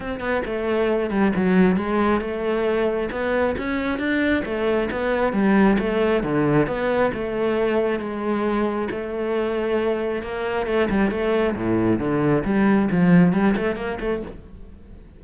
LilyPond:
\new Staff \with { instrumentName = "cello" } { \time 4/4 \tempo 4 = 135 c'8 b8 a4. g8 fis4 | gis4 a2 b4 | cis'4 d'4 a4 b4 | g4 a4 d4 b4 |
a2 gis2 | a2. ais4 | a8 g8 a4 a,4 d4 | g4 f4 g8 a8 ais8 a8 | }